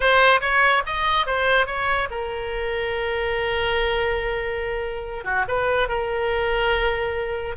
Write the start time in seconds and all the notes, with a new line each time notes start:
0.00 C5
0.40 C#5
0.85 D#5
1.26 C5
1.66 C#5
2.10 A#4
5.24 F#4
5.48 B4
5.88 A#4